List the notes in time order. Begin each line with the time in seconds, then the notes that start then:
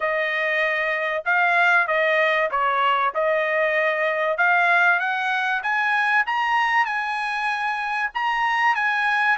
0.00 D#5
1.25 F5
1.87 D#5
2.51 C#5
3.14 D#5
4.37 F5
4.99 F#5
5.62 G#5
6.26 A#5
6.85 G#5
8.14 A#5
8.75 G#5